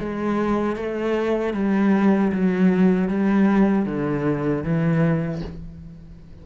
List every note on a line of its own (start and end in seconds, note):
0.00 0.77 G#3
0.77 1.54 A3
1.54 2.32 G3
2.33 3.09 F#3
3.09 3.86 G3
3.86 4.64 D3
4.64 5.42 E3